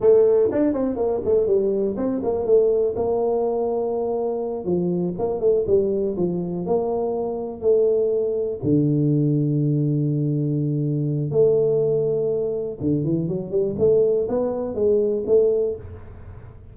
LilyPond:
\new Staff \with { instrumentName = "tuba" } { \time 4/4 \tempo 4 = 122 a4 d'8 c'8 ais8 a8 g4 | c'8 ais8 a4 ais2~ | ais4. f4 ais8 a8 g8~ | g8 f4 ais2 a8~ |
a4. d2~ d8~ | d2. a4~ | a2 d8 e8 fis8 g8 | a4 b4 gis4 a4 | }